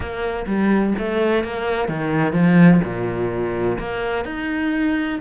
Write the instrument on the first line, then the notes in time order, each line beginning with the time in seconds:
cello
0.00 A#3
0.46 G3
0.98 A3
1.43 A#3
1.88 D#3
2.33 F3
2.83 A#2
3.79 A#3
4.24 D#4